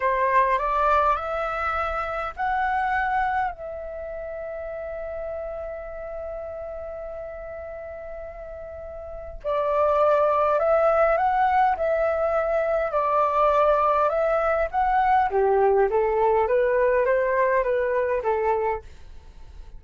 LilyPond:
\new Staff \with { instrumentName = "flute" } { \time 4/4 \tempo 4 = 102 c''4 d''4 e''2 | fis''2 e''2~ | e''1~ | e''1 |
d''2 e''4 fis''4 | e''2 d''2 | e''4 fis''4 g'4 a'4 | b'4 c''4 b'4 a'4 | }